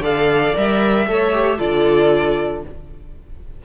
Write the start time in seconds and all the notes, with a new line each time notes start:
0.00 D3 A4 D5 F5
0.55 G3 A#4 E5
1.07 A3 A4 C#5
1.33 G4
1.58 D3 F4 A4 D5